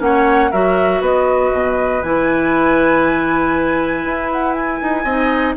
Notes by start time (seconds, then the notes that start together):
0.00 A#3 C#4 C#5 F#5
0.51 F#3 F#4 A#4 E5
1.01 B3 B4 D#5
1.53 B2
2.03 E3 E4 G#5
4.05 E4
4.32 F#5
4.54 G#5
4.82 D#4
5.05 C4 D#4 D#5